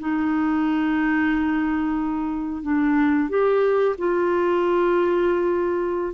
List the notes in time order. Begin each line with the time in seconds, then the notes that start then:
0.00 D#4
2.63 D4
3.30 G4
3.98 F4